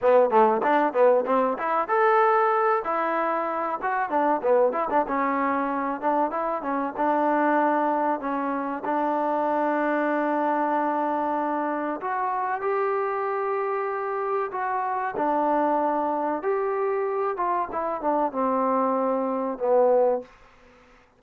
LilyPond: \new Staff \with { instrumentName = "trombone" } { \time 4/4 \tempo 4 = 95 b8 a8 d'8 b8 c'8 e'8 a'4~ | a'8 e'4. fis'8 d'8 b8 e'16 d'16 | cis'4. d'8 e'8 cis'8 d'4~ | d'4 cis'4 d'2~ |
d'2. fis'4 | g'2. fis'4 | d'2 g'4. f'8 | e'8 d'8 c'2 b4 | }